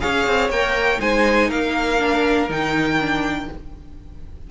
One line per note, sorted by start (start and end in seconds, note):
0.00 0.27 C#4
0.00 0.50 G#4
0.00 1.01 C#5
0.00 0.50 F5
0.27 0.49 C4
0.49 0.99 A#3
0.49 0.98 A#4
0.49 1.00 G5
0.98 1.50 G#3
0.98 1.97 D#4
0.98 1.48 C5
0.98 1.50 G#5
1.48 2.49 A#3
1.48 3.46 A#4
1.48 2.49 F5
1.99 2.48 D4
2.49 3.48 D#3
2.49 2.98 D#4
2.49 3.50 G5
3.00 3.49 D4